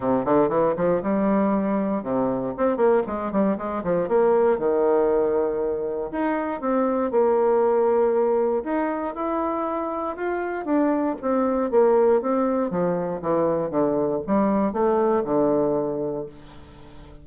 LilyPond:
\new Staff \with { instrumentName = "bassoon" } { \time 4/4 \tempo 4 = 118 c8 d8 e8 f8 g2 | c4 c'8 ais8 gis8 g8 gis8 f8 | ais4 dis2. | dis'4 c'4 ais2~ |
ais4 dis'4 e'2 | f'4 d'4 c'4 ais4 | c'4 f4 e4 d4 | g4 a4 d2 | }